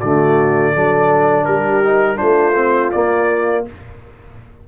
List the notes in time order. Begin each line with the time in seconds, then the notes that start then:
0.00 D3 A3 F#4 D5
0.73 F#3 D4 A4
1.45 G3 G4 A#4
1.84 D#4
2.16 A3 D4 F4 C5
2.56 C4
2.92 A#3 D5